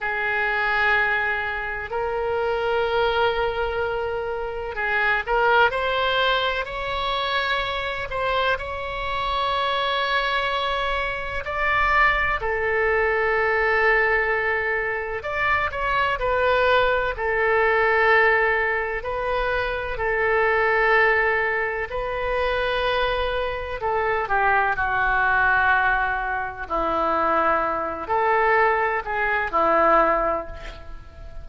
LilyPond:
\new Staff \with { instrumentName = "oboe" } { \time 4/4 \tempo 4 = 63 gis'2 ais'2~ | ais'4 gis'8 ais'8 c''4 cis''4~ | cis''8 c''8 cis''2. | d''4 a'2. |
d''8 cis''8 b'4 a'2 | b'4 a'2 b'4~ | b'4 a'8 g'8 fis'2 | e'4. a'4 gis'8 e'4 | }